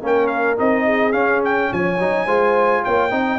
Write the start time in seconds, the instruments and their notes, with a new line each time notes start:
0.00 tuba A#3, trombone C#4, horn A#4
0.06 trumpet G5
0.27 trumpet F5
0.56 tuba C4, trombone D#4, trumpet D#5
0.85 horn G#4
1.12 trombone C#4, tuba C#4, trumpet F5
1.45 trumpet G5
1.72 tuba F3, horn C#5, trumpet G#5
1.99 tuba F#3, trombone D#4
2.25 tuba G#3, trombone F4, horn C5
2.84 tuba A#3, horn C#5, trumpet G5
3.10 tuba C4, trombone D#4, horn D#5